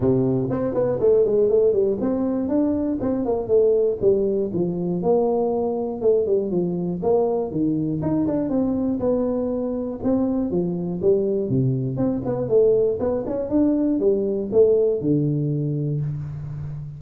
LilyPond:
\new Staff \with { instrumentName = "tuba" } { \time 4/4 \tempo 4 = 120 c4 c'8 b8 a8 gis8 a8 g8 | c'4 d'4 c'8 ais8 a4 | g4 f4 ais2 | a8 g8 f4 ais4 dis4 |
dis'8 d'8 c'4 b2 | c'4 f4 g4 c4 | c'8 b8 a4 b8 cis'8 d'4 | g4 a4 d2 | }